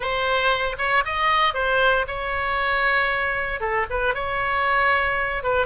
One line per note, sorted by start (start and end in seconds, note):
0.00 0.76 C5
0.78 1.03 C#5
1.05 1.54 D#5
1.54 2.05 C5
2.07 3.60 C#5
3.60 3.86 A4
3.90 4.14 B4
4.14 5.43 C#5
5.43 5.66 B4